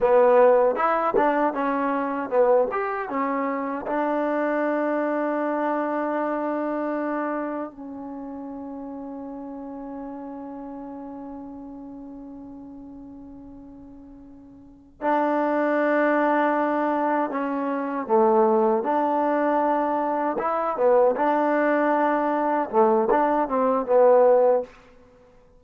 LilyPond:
\new Staff \with { instrumentName = "trombone" } { \time 4/4 \tempo 4 = 78 b4 e'8 d'8 cis'4 b8 g'8 | cis'4 d'2.~ | d'2 cis'2~ | cis'1~ |
cis'2.~ cis'8 d'8~ | d'2~ d'8 cis'4 a8~ | a8 d'2 e'8 b8 d'8~ | d'4. a8 d'8 c'8 b4 | }